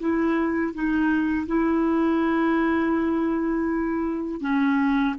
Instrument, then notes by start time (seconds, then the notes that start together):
clarinet
0.00 E4
0.74 D#4
1.47 E4
4.41 C#4